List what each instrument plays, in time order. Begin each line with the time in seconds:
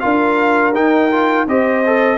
0.00 tuba D4, trombone F4, horn A#4, trumpet F5
0.75 trombone D#4, tuba D#4, trumpet G5
1.11 trombone F4
1.47 tuba C4, trombone G4, horn C5, trumpet D#5
1.86 trombone A4